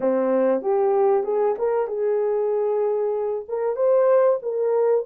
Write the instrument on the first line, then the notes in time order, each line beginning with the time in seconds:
horn
0.00 C4
0.61 G4
1.23 G#4
1.58 A#4
1.87 G#4
3.48 A#4
3.76 C5
4.42 A#4